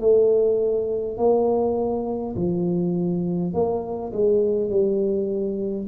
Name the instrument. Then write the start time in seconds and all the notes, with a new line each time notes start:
tuba
0.00 A3
1.17 A#3
2.35 F3
3.53 A#3
4.12 G#3
4.70 G3